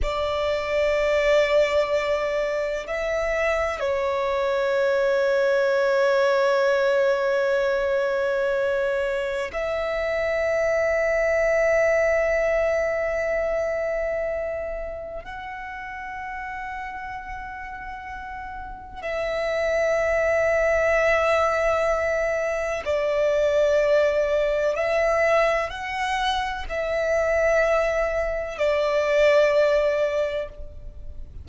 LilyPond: \new Staff \with { instrumentName = "violin" } { \time 4/4 \tempo 4 = 63 d''2. e''4 | cis''1~ | cis''2 e''2~ | e''1 |
fis''1 | e''1 | d''2 e''4 fis''4 | e''2 d''2 | }